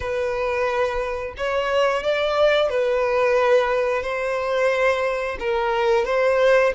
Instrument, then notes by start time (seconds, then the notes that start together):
violin
0.00 B4
1.37 C#5
2.03 D5
2.69 B4
4.03 C5
5.39 A#4
6.05 C5